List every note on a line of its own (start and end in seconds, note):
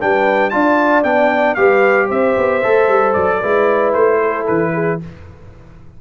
0.00 0.53 G3
0.00 0.51 D4
0.00 0.53 B4
0.00 0.50 G5
0.50 1.04 D4
0.50 1.03 F4
0.50 1.58 D5
0.50 1.02 A5
1.03 1.56 B3
1.03 1.56 D4
1.03 1.54 G5
1.54 2.10 G3
1.54 2.62 G4
1.54 2.07 B4
1.54 2.07 F5
2.07 2.37 C4
2.07 3.38 C5
2.07 3.13 E5
2.37 2.63 B3
2.63 2.88 A3
2.63 3.42 A4
2.88 3.14 G3
3.13 3.42 F#3
3.13 3.92 D5
3.40 3.94 G#3
3.40 5.00 E4
3.40 4.19 B4
3.93 4.47 A3
3.93 4.46 C5
4.20 4.72 A4
4.47 5.01 E3
4.47 4.99 B4
4.73 5.00 G#4